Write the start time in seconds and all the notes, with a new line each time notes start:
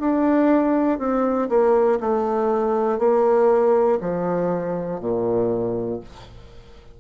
0.00 D4
0.99 C4
1.49 A#3
2.00 A3
2.99 A#3
4.00 F3
5.00 A#2